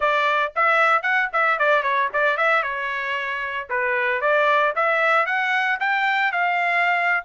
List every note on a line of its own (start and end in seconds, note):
0.00 0.52 D5
0.55 1.02 E5
1.02 1.28 F#5
1.33 1.59 E5
1.59 1.83 D5
1.83 2.09 C#5
2.13 2.37 D5
2.37 2.62 E5
2.62 3.67 C#5
3.69 4.21 B4
4.21 4.73 D5
4.75 5.26 E5
5.26 5.78 F#5
5.79 6.32 G5
6.32 7.24 F5